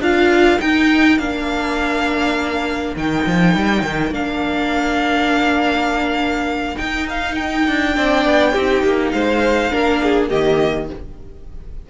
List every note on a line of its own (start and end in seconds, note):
0.00 0.59 D4
0.00 0.60 F4
0.00 7.95 A#4
0.00 0.60 F5
0.60 1.19 D#4
0.60 1.18 G5
1.18 2.95 A#3
1.18 2.97 D4
1.18 2.95 F5
2.97 3.26 D#3
2.97 4.12 D#4
2.97 4.14 G5
3.26 3.56 F3
3.56 3.82 G3
3.82 4.11 D#3
4.11 6.76 A#3
4.11 6.77 D4
4.11 6.78 F5
6.77 7.94 D#4
6.77 7.68 D#4
6.77 7.07 G5
7.10 7.35 F5
7.35 9.11 G5
7.68 7.97 D4
7.95 8.25 C4
7.95 8.54 D4
7.95 8.53 D5
8.25 8.55 B3
8.53 8.83 C4
8.53 9.71 D#4
8.53 9.12 G4
8.83 9.13 A#3
9.11 9.72 G#3
9.11 9.72 C5
9.11 10.29 F5
9.71 10.31 A#3
9.71 10.30 D4
9.71 10.02 A#4
10.03 10.30 G#4
10.30 10.90 D#3
10.30 10.89 A#3
10.30 10.89 G4
10.30 10.89 D#5